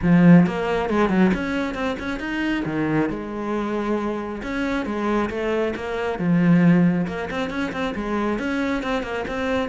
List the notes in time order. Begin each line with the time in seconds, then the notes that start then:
0.02 F3
0.46 A#3
0.89 G#3
1.09 F#3
1.34 C#4
1.74 C4
1.99 C#4
2.19 D#4
2.65 D#3
3.09 G#3
4.42 C#4
4.85 G#3
5.29 A3
5.75 A#3
6.18 F3
7.07 A#3
7.30 C4
7.49 C#4
7.72 C4
7.95 G#3
8.38 C#4
8.83 C4
9.02 A#3
9.27 C4